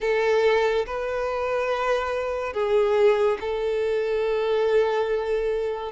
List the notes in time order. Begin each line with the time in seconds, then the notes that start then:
0.00 A4
0.86 B4
2.53 G#4
3.40 A4